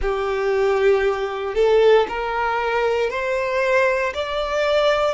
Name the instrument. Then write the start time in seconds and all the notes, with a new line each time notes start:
violin
0.01 G4
1.55 A4
2.08 A#4
3.09 C5
4.14 D5